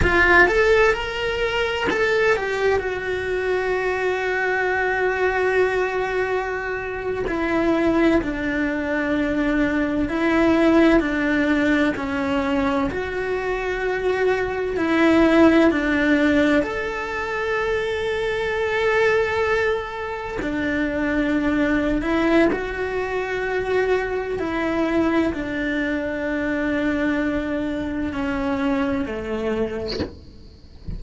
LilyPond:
\new Staff \with { instrumentName = "cello" } { \time 4/4 \tempo 4 = 64 f'8 a'8 ais'4 a'8 g'8 fis'4~ | fis'2.~ fis'8. e'16~ | e'8. d'2 e'4 d'16~ | d'8. cis'4 fis'2 e'16~ |
e'8. d'4 a'2~ a'16~ | a'4.~ a'16 d'4.~ d'16 e'8 | fis'2 e'4 d'4~ | d'2 cis'4 a4 | }